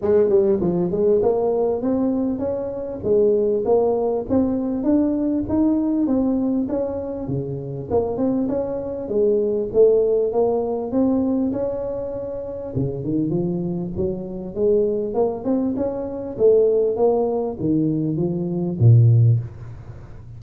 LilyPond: \new Staff \with { instrumentName = "tuba" } { \time 4/4 \tempo 4 = 99 gis8 g8 f8 gis8 ais4 c'4 | cis'4 gis4 ais4 c'4 | d'4 dis'4 c'4 cis'4 | cis4 ais8 c'8 cis'4 gis4 |
a4 ais4 c'4 cis'4~ | cis'4 cis8 dis8 f4 fis4 | gis4 ais8 c'8 cis'4 a4 | ais4 dis4 f4 ais,4 | }